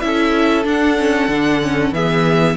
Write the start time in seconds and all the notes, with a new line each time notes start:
0.00 C#4 E4 E5
0.06 A4
0.64 D4 F#5
0.98 C#4
1.28 D3 D4
1.61 C#4
1.92 E3 B3 G#4 E5